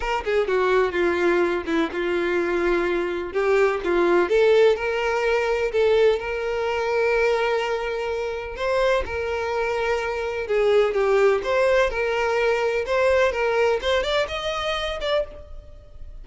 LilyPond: \new Staff \with { instrumentName = "violin" } { \time 4/4 \tempo 4 = 126 ais'8 gis'8 fis'4 f'4. e'8 | f'2. g'4 | f'4 a'4 ais'2 | a'4 ais'2.~ |
ais'2 c''4 ais'4~ | ais'2 gis'4 g'4 | c''4 ais'2 c''4 | ais'4 c''8 d''8 dis''4. d''8 | }